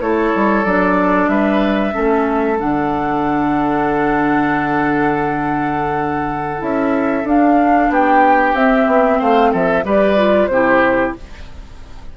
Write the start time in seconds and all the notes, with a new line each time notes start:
0.00 A3 E4 A4 C#5
0.35 G3
0.65 F#3 D4 D5
1.28 G3 B4 E5
1.92 A3 C#4 A4
2.58 D3 D4 F#5
6.58 C#4 E4 E5
7.24 D4 F5
7.89 B3 G4 G5
8.53 C4 E5
8.87 B3
9.18 A3 C5 F5
9.52 F3 A4 E5
9.84 G3 G4 B4 D5
10.17 F4
10.47 C3 E4 G4 C5